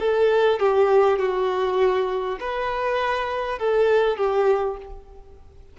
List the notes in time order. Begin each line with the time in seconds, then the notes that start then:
0.00 A4
0.60 G4
1.19 F#4
2.41 B4
3.59 A4
4.18 G4